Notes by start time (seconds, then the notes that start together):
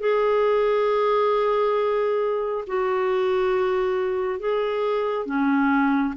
0.00 G#4
2.67 F#4
4.40 G#4
5.26 C#4